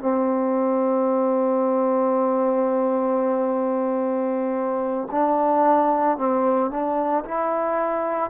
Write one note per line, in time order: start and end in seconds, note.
0.00 5.09 C4
5.12 6.18 D4
6.18 6.71 C4
6.71 7.24 D4
7.25 8.31 E4